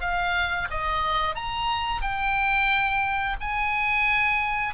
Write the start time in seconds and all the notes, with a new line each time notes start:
0.00 F5
0.70 D#5
1.35 A#5
2.01 G5
3.40 G#5